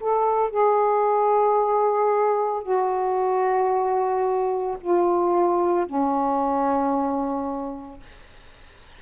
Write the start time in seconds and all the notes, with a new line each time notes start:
0.00 A4
0.51 G#4
2.63 F#4
4.81 F4
5.86 C#4